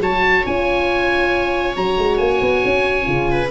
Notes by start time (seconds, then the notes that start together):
0.00 F#3 F#4 C#5 A5
0.45 C#4 F4 G#5
1.76 F#3 F#4 A#5
1.98 G#3
2.17 A#3 G#5
2.41 B3
2.65 C#4
3.03 C#3 F4
3.31 B4